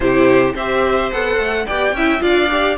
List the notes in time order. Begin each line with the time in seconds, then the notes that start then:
0.00 C3 E4 G4 C5
0.54 C4 G4 C5 E5
1.11 B3 A4 F#5
1.37 A3
1.65 B3 G4 D5 G5
1.93 C#4 E4 E5
2.19 D4 F4 D5 F5
2.50 G4